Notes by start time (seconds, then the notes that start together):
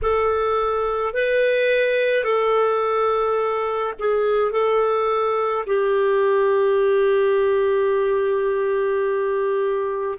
0.02 A4
1.13 B4
2.24 A4
3.99 G#4
4.51 A4
5.66 G4